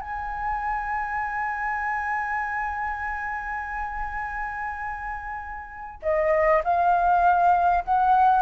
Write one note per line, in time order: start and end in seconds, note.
0.00 6.00 G#5
6.02 6.62 D#5
6.64 7.84 F5
7.84 8.42 F#5